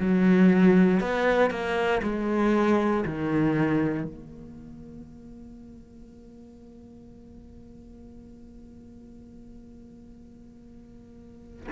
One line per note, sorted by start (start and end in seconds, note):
0.00 1.01 F#3
1.01 1.51 B3
1.51 2.02 A#3
2.03 3.05 G#3
3.06 4.05 D#3
4.05 11.68 A#3